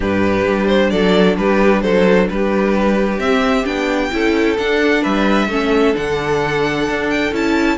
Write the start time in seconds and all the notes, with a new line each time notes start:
0.00 G2 D4 G4 B4
0.46 G3
0.67 C5
0.90 F#3 A4 D5
1.37 G3 G4 B4
1.82 F#3 A4 C5
2.29 G3 G4 B4
3.18 C4 E5
3.65 B3 D4 G5
4.11 C#4 E4 A4
4.58 D4 F#5
5.02 G3 B4 E5
5.48 A3 C#4 A4
5.94 D3 D4 F#5
6.89 D4
7.10 G5
7.32 C#4 E4 A5